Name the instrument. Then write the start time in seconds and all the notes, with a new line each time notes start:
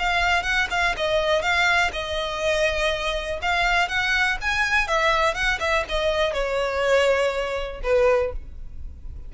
violin
0.00 F5
0.43 F#5
0.71 F5
0.97 D#5
1.42 F5
1.93 D#5
3.42 F5
3.89 F#5
4.42 G#5
4.88 E5
5.35 F#5
5.60 E5
5.89 D#5
6.34 C#5
7.84 B4